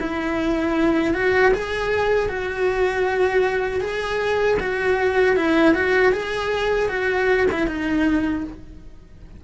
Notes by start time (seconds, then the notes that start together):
0.00 E4
1.14 F#4
1.54 G#4
2.28 F#4
3.80 G#4
4.59 F#4
5.36 E4
5.74 F#4
6.12 G#4
6.89 F#4
7.51 E4
7.67 D#4